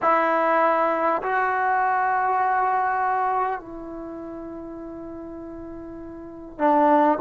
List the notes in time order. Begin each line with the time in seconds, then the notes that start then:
0.02 E4
1.22 F#4
3.59 E4
6.58 D4